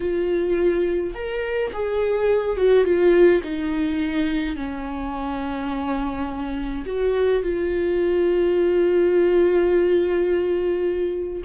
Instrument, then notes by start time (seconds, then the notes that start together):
viola
0.00 F4
1.14 A#4
1.73 G#4
2.56 F#4
2.84 F4
3.43 D#4
4.56 C#4
6.85 F#4
7.43 F4